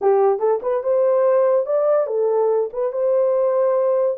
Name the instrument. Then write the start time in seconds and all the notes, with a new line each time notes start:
horn
0.01 G4
0.39 A4
0.62 B4
0.83 C5
1.66 D5
2.07 A4
2.72 B4
2.92 C5